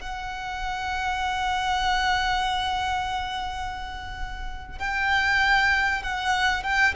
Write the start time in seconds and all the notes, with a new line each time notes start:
0.00 F#5
4.79 G5
6.03 F#5
6.63 G5